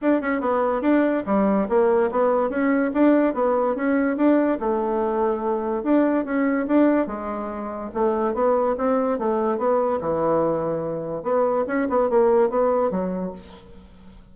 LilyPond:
\new Staff \with { instrumentName = "bassoon" } { \time 4/4 \tempo 4 = 144 d'8 cis'8 b4 d'4 g4 | ais4 b4 cis'4 d'4 | b4 cis'4 d'4 a4~ | a2 d'4 cis'4 |
d'4 gis2 a4 | b4 c'4 a4 b4 | e2. b4 | cis'8 b8 ais4 b4 fis4 | }